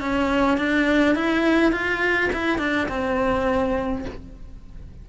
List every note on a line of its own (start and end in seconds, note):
0.00 0.58 C#4
0.58 1.15 D4
1.15 1.72 E4
1.72 2.30 F4
2.33 2.58 E4
2.58 2.87 D4
2.88 4.05 C4